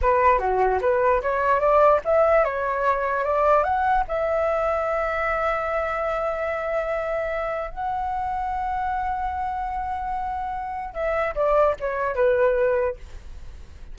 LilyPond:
\new Staff \with { instrumentName = "flute" } { \time 4/4 \tempo 4 = 148 b'4 fis'4 b'4 cis''4 | d''4 e''4 cis''2 | d''4 fis''4 e''2~ | e''1~ |
e''2. fis''4~ | fis''1~ | fis''2. e''4 | d''4 cis''4 b'2 | }